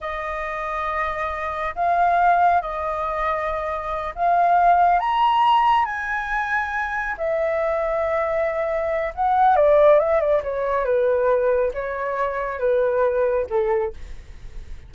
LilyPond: \new Staff \with { instrumentName = "flute" } { \time 4/4 \tempo 4 = 138 dis''1 | f''2 dis''2~ | dis''4. f''2 ais''8~ | ais''4. gis''2~ gis''8~ |
gis''8 e''2.~ e''8~ | e''4 fis''4 d''4 e''8 d''8 | cis''4 b'2 cis''4~ | cis''4 b'2 a'4 | }